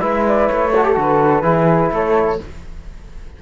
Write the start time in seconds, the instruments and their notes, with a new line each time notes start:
0.00 cello G#3, trombone E4, flute B4 E5
0.27 flute D5
0.48 cello A3, flute C#5
0.75 trombone F#4, flute A4
0.84 trombone G4
0.95 cello D3, trombone F#4
1.01 flute B4
1.43 cello E3, trombone E4, flute G#4
1.92 cello A3, flute A4 C#5